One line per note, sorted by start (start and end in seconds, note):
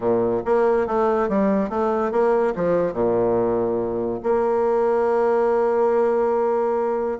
0.00 0.42 A#2
0.45 0.86 A#3
0.86 1.28 A3
1.28 1.69 G3
1.69 2.11 A3
2.11 2.53 A#3
2.55 2.93 F3
2.93 4.20 A#2
4.23 7.19 A#3